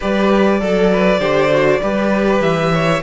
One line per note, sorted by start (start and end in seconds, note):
0.00 0.61 G3
0.00 0.60 G4
0.00 0.60 B4
0.00 2.42 D5
0.60 1.19 F#3
0.60 1.20 A4
0.60 0.91 A4
0.92 1.19 B4
1.19 1.80 D3
1.19 1.50 G4
1.19 1.80 C5
1.50 1.81 F#4
1.81 2.41 G3
1.81 3.02 G4
1.81 2.72 B4
2.41 3.01 E3
2.41 3.02 E5
2.72 3.03 C#5